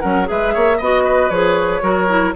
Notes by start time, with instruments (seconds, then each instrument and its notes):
0.00 bassoon F#3, clarinet C#4, oboe A#4, flute F#5
0.25 bassoon G#3, clarinet G#4, oboe B4, flute E5
0.54 bassoon A#3, oboe C#5
0.77 bassoon B3, clarinet F#4, oboe D#5, flute D#5
1.04 oboe B4
1.30 bassoon F3, clarinet G#4, flute C#5
1.82 bassoon F#3, clarinet F#4, oboe A#4
2.08 clarinet E4